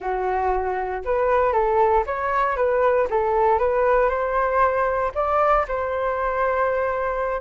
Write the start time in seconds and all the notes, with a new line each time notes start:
0.00 F#4
1.04 B4
1.52 A4
2.06 C#5
2.56 B4
3.09 A4
3.58 B4
4.09 C5
5.14 D5
5.68 C5